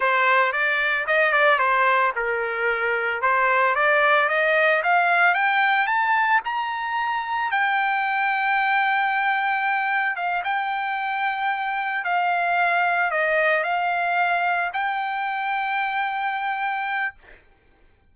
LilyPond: \new Staff \with { instrumentName = "trumpet" } { \time 4/4 \tempo 4 = 112 c''4 d''4 dis''8 d''8 c''4 | ais'2 c''4 d''4 | dis''4 f''4 g''4 a''4 | ais''2 g''2~ |
g''2. f''8 g''8~ | g''2~ g''8 f''4.~ | f''8 dis''4 f''2 g''8~ | g''1 | }